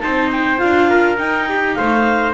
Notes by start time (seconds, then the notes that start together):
0.00 C4 D#4 C5 A5
0.31 G5
0.57 D4 F4 F5
0.89 A#4
1.17 D#4 G5
1.49 G4
1.74 A3 C5 F5